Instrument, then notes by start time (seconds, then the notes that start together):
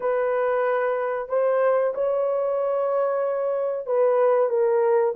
horn
0.00 B4
1.28 C5
1.94 C#5
3.86 B4
4.49 A#4